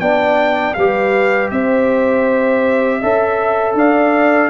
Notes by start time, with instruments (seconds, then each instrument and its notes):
0.00 tuba B3, trombone D4, horn D5, trumpet G5
0.74 tuba G3, trombone G4, horn B4, trumpet F5
1.50 tuba C4, horn C5, trumpet E5
2.99 tuba C#4, trombone A4, horn E5
3.74 tuba D4, horn D5, trumpet F5